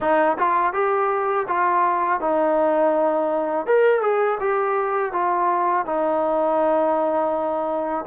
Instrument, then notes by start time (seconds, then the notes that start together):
trombone
0.00 D#4
0.38 F4
0.73 G4
1.47 F4
2.20 D#4
3.66 A#4
4.01 G#4
4.40 G4
5.12 F4
5.85 D#4